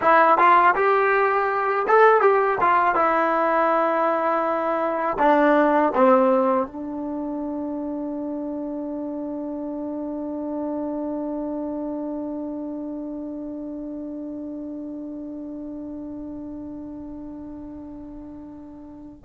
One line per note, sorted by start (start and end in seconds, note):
0.01 0.37 E4
0.37 0.74 F4
0.75 1.86 G4
1.87 2.21 A4
2.21 2.58 G4
2.61 2.95 F4
2.95 5.17 E4
5.19 5.93 D4
5.94 6.66 C4
6.66 19.25 D4